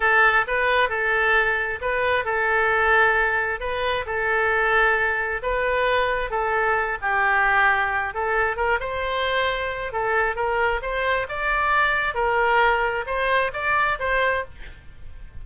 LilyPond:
\new Staff \with { instrumentName = "oboe" } { \time 4/4 \tempo 4 = 133 a'4 b'4 a'2 | b'4 a'2. | b'4 a'2. | b'2 a'4. g'8~ |
g'2 a'4 ais'8 c''8~ | c''2 a'4 ais'4 | c''4 d''2 ais'4~ | ais'4 c''4 d''4 c''4 | }